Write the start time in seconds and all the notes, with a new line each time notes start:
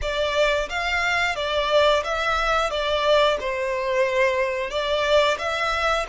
0.01 D5
0.69 F5
1.35 D5
2.04 E5
2.70 D5
3.40 C5
4.70 D5
5.38 E5